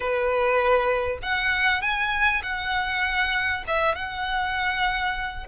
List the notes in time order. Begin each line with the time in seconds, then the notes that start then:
0.00 B4
1.22 F#5
1.81 G#5
2.42 F#5
3.67 E5
3.95 F#5